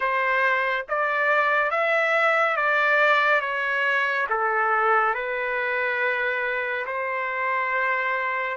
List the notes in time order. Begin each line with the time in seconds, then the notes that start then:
0.00 C5
0.88 D5
1.71 E5
2.56 D5
3.41 C#5
4.29 A4
5.14 B4
6.86 C5